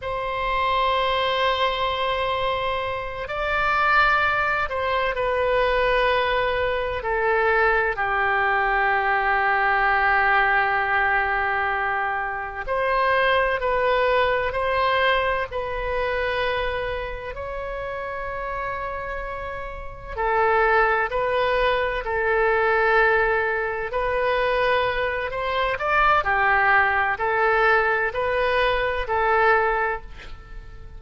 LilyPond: \new Staff \with { instrumentName = "oboe" } { \time 4/4 \tempo 4 = 64 c''2.~ c''8 d''8~ | d''4 c''8 b'2 a'8~ | a'8 g'2.~ g'8~ | g'4. c''4 b'4 c''8~ |
c''8 b'2 cis''4.~ | cis''4. a'4 b'4 a'8~ | a'4. b'4. c''8 d''8 | g'4 a'4 b'4 a'4 | }